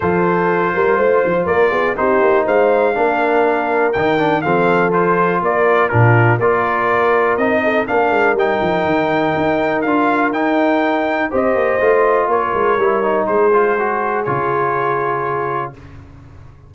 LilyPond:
<<
  \new Staff \with { instrumentName = "trumpet" } { \time 4/4 \tempo 4 = 122 c''2. d''4 | c''4 f''2. | g''4 f''4 c''4 d''4 | ais'4 d''2 dis''4 |
f''4 g''2. | f''4 g''2 dis''4~ | dis''4 cis''2 c''4~ | c''4 cis''2. | }
  \new Staff \with { instrumentName = "horn" } { \time 4/4 a'4. ais'8 c''4 ais'8 gis'8 | g'4 c''4 ais'2~ | ais'4 a'2 ais'4 | f'4 ais'2~ ais'8 a'8 |
ais'1~ | ais'2. c''4~ | c''4 ais'2 gis'4~ | gis'1 | }
  \new Staff \with { instrumentName = "trombone" } { \time 4/4 f'1 | dis'2 d'2 | dis'8 d'8 c'4 f'2 | d'4 f'2 dis'4 |
d'4 dis'2. | f'4 dis'2 g'4 | f'2 e'8 dis'4 f'8 | fis'4 f'2. | }
  \new Staff \with { instrumentName = "tuba" } { \time 4/4 f4. g8 a8 f8 ais8 b8 | c'8 ais8 gis4 ais2 | dis4 f2 ais4 | ais,4 ais2 c'4 |
ais8 gis8 g8 f8 dis4 dis'4 | d'4 dis'2 c'8 ais8 | a4 ais8 gis8 g4 gis4~ | gis4 cis2. | }
>>